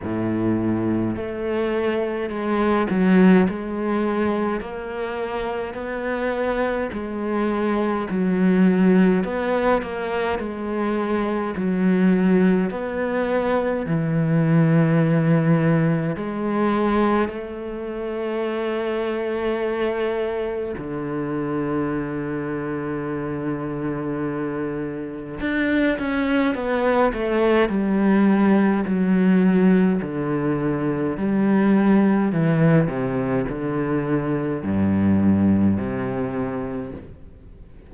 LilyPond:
\new Staff \with { instrumentName = "cello" } { \time 4/4 \tempo 4 = 52 a,4 a4 gis8 fis8 gis4 | ais4 b4 gis4 fis4 | b8 ais8 gis4 fis4 b4 | e2 gis4 a4~ |
a2 d2~ | d2 d'8 cis'8 b8 a8 | g4 fis4 d4 g4 | e8 c8 d4 g,4 c4 | }